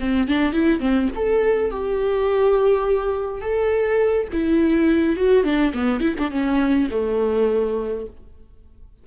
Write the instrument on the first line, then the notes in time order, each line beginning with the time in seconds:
viola
0.00 C4
0.28 D4
0.53 E4
0.80 C4
1.16 A4
1.71 G4
3.41 A4
4.33 E4
5.17 F#4
5.44 D4
5.74 B3
6.01 E4
6.19 D4
6.31 C#4
6.91 A3